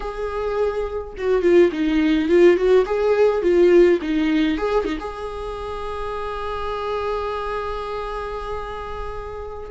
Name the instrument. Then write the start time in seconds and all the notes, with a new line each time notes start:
viola
0.00 G#4
1.17 F#4
1.42 F4
1.72 D#4
2.29 F4
2.56 F#4
2.85 G#4
3.42 F4
4.01 D#4
4.57 G#4
4.84 D#4
4.99 G#4